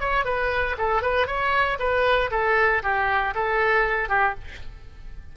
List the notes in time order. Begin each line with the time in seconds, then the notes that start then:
0.00 C#5
0.25 B4
0.78 A4
1.02 B4
1.27 C#5
1.79 B4
2.31 A4
2.83 G4
3.35 A4
4.09 G4